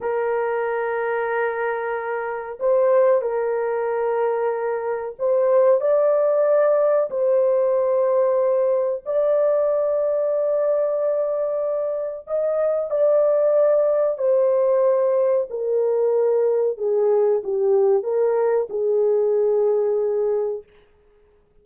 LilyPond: \new Staff \with { instrumentName = "horn" } { \time 4/4 \tempo 4 = 93 ais'1 | c''4 ais'2. | c''4 d''2 c''4~ | c''2 d''2~ |
d''2. dis''4 | d''2 c''2 | ais'2 gis'4 g'4 | ais'4 gis'2. | }